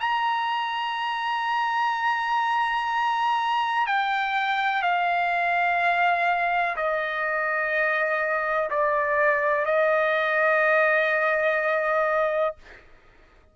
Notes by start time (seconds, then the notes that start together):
0.00 A#5
3.86 G5
4.82 F5
6.76 D#5
8.70 D5
9.65 D#5